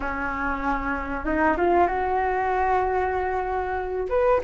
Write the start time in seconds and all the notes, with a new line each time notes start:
0.00 C#4
1.25 D#4
1.57 F4
1.87 F#4
4.09 B4